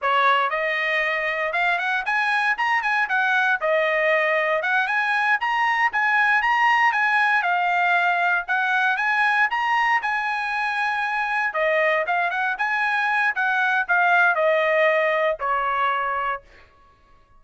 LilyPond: \new Staff \with { instrumentName = "trumpet" } { \time 4/4 \tempo 4 = 117 cis''4 dis''2 f''8 fis''8 | gis''4 ais''8 gis''8 fis''4 dis''4~ | dis''4 fis''8 gis''4 ais''4 gis''8~ | gis''8 ais''4 gis''4 f''4.~ |
f''8 fis''4 gis''4 ais''4 gis''8~ | gis''2~ gis''8 dis''4 f''8 | fis''8 gis''4. fis''4 f''4 | dis''2 cis''2 | }